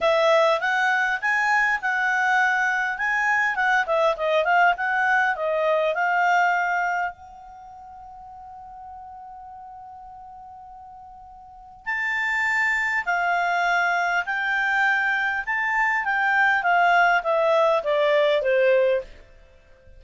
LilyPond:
\new Staff \with { instrumentName = "clarinet" } { \time 4/4 \tempo 4 = 101 e''4 fis''4 gis''4 fis''4~ | fis''4 gis''4 fis''8 e''8 dis''8 f''8 | fis''4 dis''4 f''2 | fis''1~ |
fis''1 | a''2 f''2 | g''2 a''4 g''4 | f''4 e''4 d''4 c''4 | }